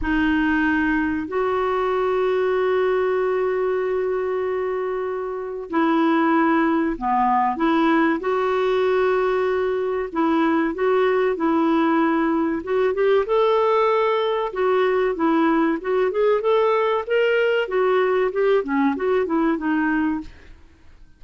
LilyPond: \new Staff \with { instrumentName = "clarinet" } { \time 4/4 \tempo 4 = 95 dis'2 fis'2~ | fis'1~ | fis'4 e'2 b4 | e'4 fis'2. |
e'4 fis'4 e'2 | fis'8 g'8 a'2 fis'4 | e'4 fis'8 gis'8 a'4 ais'4 | fis'4 g'8 cis'8 fis'8 e'8 dis'4 | }